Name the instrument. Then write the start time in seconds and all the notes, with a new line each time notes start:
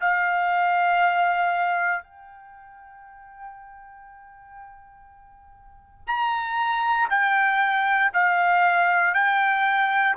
trumpet
0.00 F5
2.03 G5
6.06 A#5
7.09 G5
8.13 F5
9.14 G5